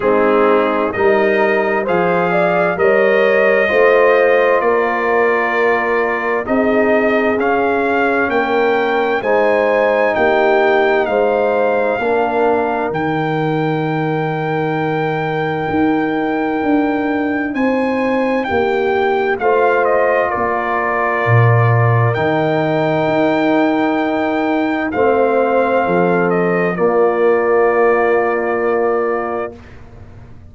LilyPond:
<<
  \new Staff \with { instrumentName = "trumpet" } { \time 4/4 \tempo 4 = 65 gis'4 dis''4 f''4 dis''4~ | dis''4 d''2 dis''4 | f''4 g''4 gis''4 g''4 | f''2 g''2~ |
g''2. gis''4 | g''4 f''8 dis''8 d''2 | g''2. f''4~ | f''8 dis''8 d''2. | }
  \new Staff \with { instrumentName = "horn" } { \time 4/4 dis'4 ais'4 c''8 d''8 cis''4 | c''4 ais'2 gis'4~ | gis'4 ais'4 c''4 g'4 | c''4 ais'2.~ |
ais'2. c''4 | g'4 c''4 ais'2~ | ais'2. c''4 | a'4 f'2. | }
  \new Staff \with { instrumentName = "trombone" } { \time 4/4 c'4 dis'4 gis'4 ais'4 | f'2. dis'4 | cis'2 dis'2~ | dis'4 d'4 dis'2~ |
dis'1~ | dis'4 f'2. | dis'2. c'4~ | c'4 ais2. | }
  \new Staff \with { instrumentName = "tuba" } { \time 4/4 gis4 g4 f4 g4 | a4 ais2 c'4 | cis'4 ais4 gis4 ais4 | gis4 ais4 dis2~ |
dis4 dis'4 d'4 c'4 | ais4 a4 ais4 ais,4 | dis4 dis'2 a4 | f4 ais2. | }
>>